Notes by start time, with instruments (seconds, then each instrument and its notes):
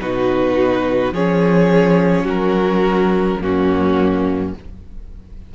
0.00 cello B2, viola D#4, violin F#4 B4
1.12 cello F3, viola C#4, violin G#4 C#5
2.24 cello F#3, violin F#4 A#4
3.40 cello F#2, viola A#3, violin C#4 F#4